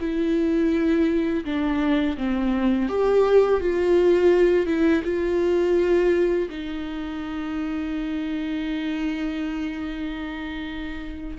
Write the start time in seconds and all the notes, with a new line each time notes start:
0.00 E4
1.45 D4
2.17 C4
2.89 G4
3.60 F4
4.66 E4
5.04 F4
6.50 D#4